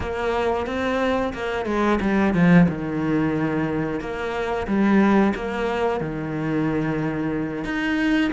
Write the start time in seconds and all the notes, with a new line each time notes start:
0.00 A#3
0.66 C4
1.33 A#3
1.65 G#3
2.00 G3
2.34 F3
2.68 D#3
4.00 A#3
4.67 G3
5.35 A#3
6.00 D#3
7.64 D#4